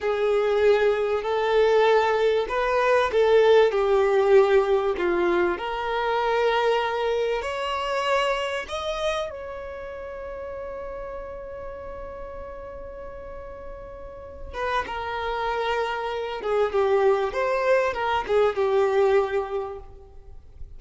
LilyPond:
\new Staff \with { instrumentName = "violin" } { \time 4/4 \tempo 4 = 97 gis'2 a'2 | b'4 a'4 g'2 | f'4 ais'2. | cis''2 dis''4 cis''4~ |
cis''1~ | cis''2.~ cis''8 b'8 | ais'2~ ais'8 gis'8 g'4 | c''4 ais'8 gis'8 g'2 | }